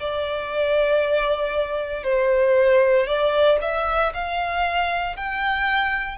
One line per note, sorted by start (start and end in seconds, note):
0.00 2.03 D5
2.03 3.07 C5
3.07 3.58 D5
3.62 4.13 E5
4.14 5.16 F5
5.16 6.18 G5